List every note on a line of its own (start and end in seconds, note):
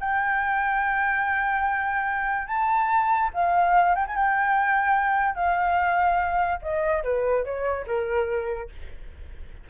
0.00 2.47 G5
2.47 3.30 A5
3.33 3.95 F5
3.95 4.06 G5
4.07 4.16 G#5
4.16 5.35 G5
5.35 6.59 F5
6.62 7.03 D#5
7.03 7.44 B4
7.44 7.86 C#5
7.87 8.69 A#4